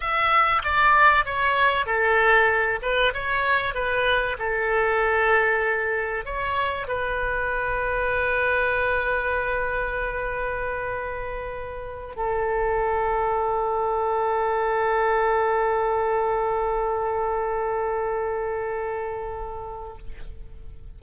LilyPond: \new Staff \with { instrumentName = "oboe" } { \time 4/4 \tempo 4 = 96 e''4 d''4 cis''4 a'4~ | a'8 b'8 cis''4 b'4 a'4~ | a'2 cis''4 b'4~ | b'1~ |
b'2.~ b'8 a'8~ | a'1~ | a'1~ | a'1 | }